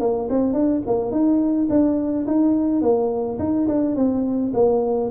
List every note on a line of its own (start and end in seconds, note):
0.00 0.28 A#3
0.30 0.54 C4
0.54 0.82 D4
0.87 1.11 A#3
1.11 1.68 D#4
1.70 2.26 D4
2.27 2.82 D#4
2.82 3.39 A#3
3.39 3.67 D#4
3.68 3.96 D4
3.96 4.53 C4
4.54 5.10 A#3